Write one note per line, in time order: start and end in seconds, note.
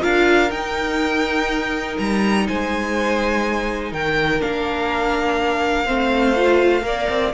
0.00 0.50 D4
0.00 0.49 F4
0.00 2.46 A#4
0.00 0.51 F5
0.50 1.96 D#4
0.50 4.39 D#4
0.50 1.97 G5
1.97 2.47 G3
1.97 2.46 A#5
2.47 3.92 G#3
2.47 3.90 C5
2.47 3.92 G#5
3.90 4.41 D#3
3.90 5.85 A#4
3.90 4.41 G5
4.39 5.89 A#3
4.39 5.86 D4
4.39 7.33 F5
5.85 6.83 A3
5.85 6.35 C4
5.85 6.82 C5
6.36 6.81 F4
6.81 7.07 A#3
6.81 7.30 A#4
6.81 7.33 D5
7.09 7.33 C4